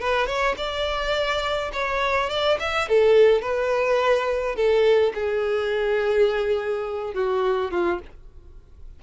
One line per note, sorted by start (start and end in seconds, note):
0.00 0.27 B4
0.27 0.55 C#5
0.57 1.71 D5
1.73 2.30 C#5
2.30 2.58 D5
2.60 2.88 E5
2.89 3.42 A4
3.42 4.56 B4
4.56 5.13 A4
5.15 7.14 G#4
7.14 7.71 F#4
7.71 8.00 F4